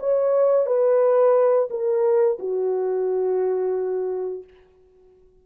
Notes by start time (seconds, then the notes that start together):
0.00 C#5
0.67 B4
1.70 A#4
2.39 F#4